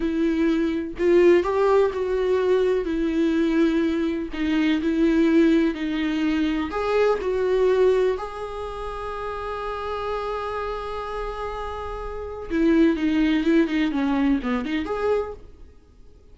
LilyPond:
\new Staff \with { instrumentName = "viola" } { \time 4/4 \tempo 4 = 125 e'2 f'4 g'4 | fis'2 e'2~ | e'4 dis'4 e'2 | dis'2 gis'4 fis'4~ |
fis'4 gis'2.~ | gis'1~ | gis'2 e'4 dis'4 | e'8 dis'8 cis'4 b8 dis'8 gis'4 | }